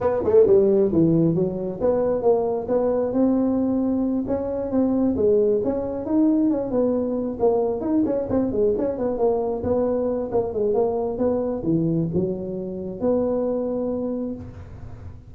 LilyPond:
\new Staff \with { instrumentName = "tuba" } { \time 4/4 \tempo 4 = 134 b8 a8 g4 e4 fis4 | b4 ais4 b4 c'4~ | c'4. cis'4 c'4 gis8~ | gis8 cis'4 dis'4 cis'8 b4~ |
b8 ais4 dis'8 cis'8 c'8 gis8 cis'8 | b8 ais4 b4. ais8 gis8 | ais4 b4 e4 fis4~ | fis4 b2. | }